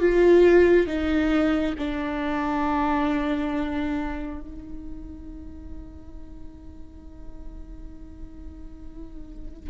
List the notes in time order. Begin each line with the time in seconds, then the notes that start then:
0.00 F4
0.87 D#4
1.78 D4
4.41 D#4